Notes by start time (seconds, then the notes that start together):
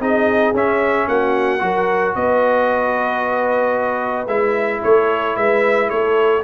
0.00 C4 D#4 G#4 D#5
0.54 C#4 E5
1.08 A#3 F#4 F#5
1.59 F#3 F#4 A#4
2.16 B3 B4 D#5
4.28 G#3 E4 E5
4.84 A3 A4 C#5
5.37 G#3 B4 E5
5.90 A3 A4 C#5